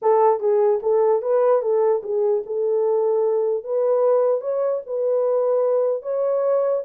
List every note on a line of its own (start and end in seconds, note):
0.02 0.40 A4
0.40 0.80 G#4
0.82 1.22 A4
1.22 1.61 B4
1.61 2.02 A4
2.03 2.43 G#4
2.46 3.64 A4
3.64 4.40 B4
4.40 4.81 C#5
4.86 6.02 B4
6.02 6.82 C#5